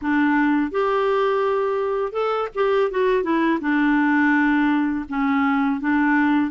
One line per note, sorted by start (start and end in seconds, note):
0.01 0.71 D4
0.71 2.12 G4
2.12 2.48 A4
2.55 2.90 G4
2.90 3.23 F#4
3.23 3.59 E4
3.60 5.05 D4
5.08 5.80 C#4
5.80 6.50 D4